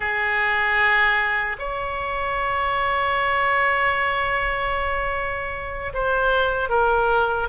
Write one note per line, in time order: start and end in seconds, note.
0.00 1.56 G#4
1.58 5.92 C#5
5.93 6.69 C5
6.69 7.48 A#4